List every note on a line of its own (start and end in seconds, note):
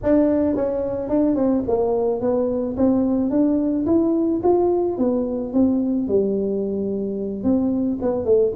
0.03 0.55 D4
0.55 1.09 C#4
1.09 1.35 D4
1.35 1.63 C4
1.67 2.20 A#3
2.20 2.75 B3
2.76 3.30 C4
3.30 3.85 D4
3.86 4.41 E4
4.43 4.98 F4
4.98 5.53 B3
5.53 6.08 C4
6.08 7.43 G3
7.43 7.98 C4
8.01 8.25 B3
8.25 8.52 A3